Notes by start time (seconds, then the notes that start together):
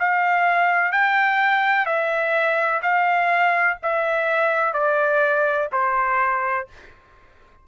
0.00 F5
0.92 G5
1.86 E5
2.82 F5
3.83 E5
4.74 D5
5.73 C5